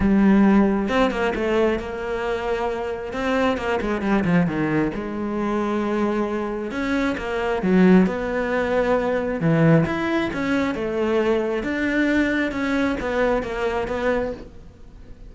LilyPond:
\new Staff \with { instrumentName = "cello" } { \time 4/4 \tempo 4 = 134 g2 c'8 ais8 a4 | ais2. c'4 | ais8 gis8 g8 f8 dis4 gis4~ | gis2. cis'4 |
ais4 fis4 b2~ | b4 e4 e'4 cis'4 | a2 d'2 | cis'4 b4 ais4 b4 | }